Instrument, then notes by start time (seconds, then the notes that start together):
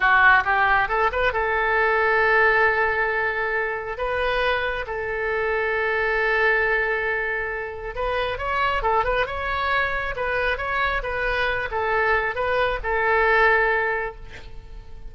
oboe
0.00 F#4
0.44 G4
0.88 A4
1.12 B4
1.33 A4
3.97 B4
4.86 A4
7.95 B4
8.38 C#5
8.82 A4
9.04 B4
9.26 C#5
10.16 B4
10.57 C#5
11.02 B4
11.71 A4
12.35 B4
12.83 A4